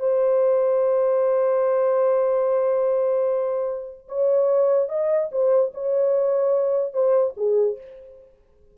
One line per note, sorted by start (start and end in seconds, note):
0.00 4.08 C5
4.09 4.89 C#5
4.89 5.30 D#5
5.32 5.73 C5
5.74 6.93 C#5
6.93 7.34 C5
7.37 7.78 G#4